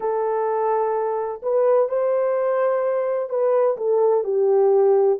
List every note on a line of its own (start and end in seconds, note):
0.00 1.41 A4
1.42 1.89 B4
1.89 3.29 C5
3.29 3.76 B4
3.77 4.24 A4
4.24 5.18 G4